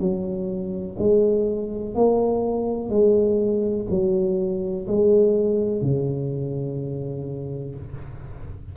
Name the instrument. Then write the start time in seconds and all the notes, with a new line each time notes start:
tuba
0.00 F#3
0.99 G#3
1.95 A#3
2.90 G#3
3.91 F#3
4.87 G#3
5.82 C#3